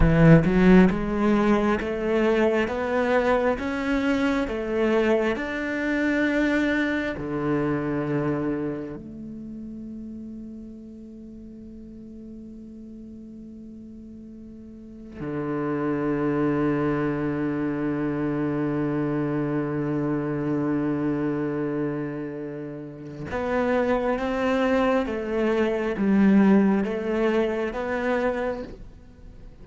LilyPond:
\new Staff \with { instrumentName = "cello" } { \time 4/4 \tempo 4 = 67 e8 fis8 gis4 a4 b4 | cis'4 a4 d'2 | d2 a2~ | a1~ |
a4 d2.~ | d1~ | d2 b4 c'4 | a4 g4 a4 b4 | }